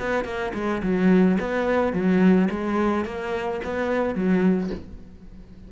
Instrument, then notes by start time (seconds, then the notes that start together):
cello
0.00 B3
0.25 A#3
0.55 G#3
0.83 F#3
1.40 B3
1.93 F#3
2.51 G#3
3.06 A#3
3.65 B3
4.15 F#3